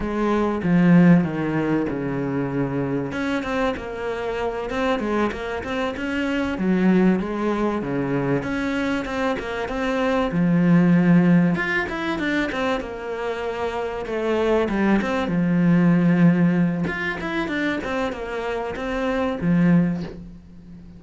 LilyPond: \new Staff \with { instrumentName = "cello" } { \time 4/4 \tempo 4 = 96 gis4 f4 dis4 cis4~ | cis4 cis'8 c'8 ais4. c'8 | gis8 ais8 c'8 cis'4 fis4 gis8~ | gis8 cis4 cis'4 c'8 ais8 c'8~ |
c'8 f2 f'8 e'8 d'8 | c'8 ais2 a4 g8 | c'8 f2~ f8 f'8 e'8 | d'8 c'8 ais4 c'4 f4 | }